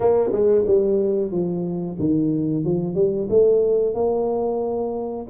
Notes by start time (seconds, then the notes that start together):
0.00 A#3
0.31 G#3
0.66 G3
1.31 F3
1.99 D#3
2.64 F3
2.95 G3
3.29 A3
3.94 A#3